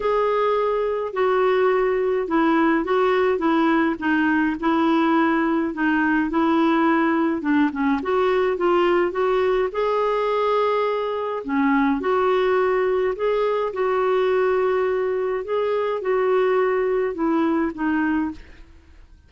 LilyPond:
\new Staff \with { instrumentName = "clarinet" } { \time 4/4 \tempo 4 = 105 gis'2 fis'2 | e'4 fis'4 e'4 dis'4 | e'2 dis'4 e'4~ | e'4 d'8 cis'8 fis'4 f'4 |
fis'4 gis'2. | cis'4 fis'2 gis'4 | fis'2. gis'4 | fis'2 e'4 dis'4 | }